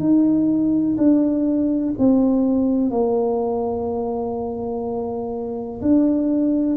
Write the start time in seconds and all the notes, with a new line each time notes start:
0.00 D#4
0.98 D4
1.99 C4
2.91 A#3
5.82 D4